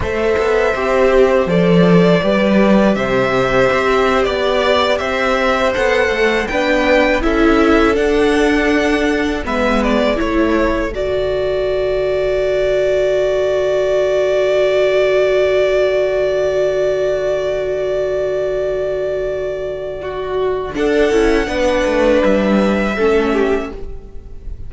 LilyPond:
<<
  \new Staff \with { instrumentName = "violin" } { \time 4/4 \tempo 4 = 81 e''2 d''2 | e''4.~ e''16 d''4 e''4 fis''16~ | fis''8. g''4 e''4 fis''4~ fis''16~ | fis''8. e''8 d''8 cis''4 d''4~ d''16~ |
d''1~ | d''1~ | d''1 | fis''2 e''2 | }
  \new Staff \with { instrumentName = "violin" } { \time 4/4 c''2. b'4 | c''4.~ c''16 d''4 c''4~ c''16~ | c''8. b'4 a'2~ a'16~ | a'8. b'4 a'2~ a'16~ |
a'1~ | a'1~ | a'2. fis'4 | a'4 b'2 a'8 g'8 | }
  \new Staff \with { instrumentName = "viola" } { \time 4/4 a'4 g'4 a'4 g'4~ | g'2.~ g'8. a'16~ | a'8. d'4 e'4 d'4~ d'16~ | d'8. b4 e'4 fis'4~ fis'16~ |
fis'1~ | fis'1~ | fis'1 | d'8 e'8 d'2 cis'4 | }
  \new Staff \with { instrumentName = "cello" } { \time 4/4 a8 b8 c'4 f4 g4 | c4 c'8. b4 c'4 b16~ | b16 a8 b4 cis'4 d'4~ d'16~ | d'8. gis4 a4 d4~ d16~ |
d1~ | d1~ | d1 | d'8 cis'8 b8 a8 g4 a4 | }
>>